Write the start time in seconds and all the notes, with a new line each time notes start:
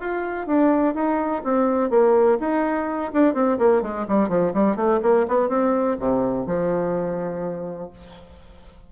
0.00 F4
0.47 D4
0.94 D#4
1.44 C4
1.90 A#3
2.40 D#4
3.13 D4
3.34 C4
3.58 A#3
3.82 G#3
4.08 G3
4.29 F3
4.54 G3
4.76 A3
5.02 A#3
5.28 B3
5.49 C4
5.99 C3
6.46 F3